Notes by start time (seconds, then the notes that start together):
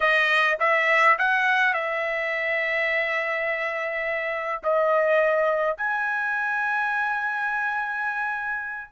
0.00 D#5
0.59 E5
1.18 F#5
1.73 E5
4.63 D#5
5.77 G#5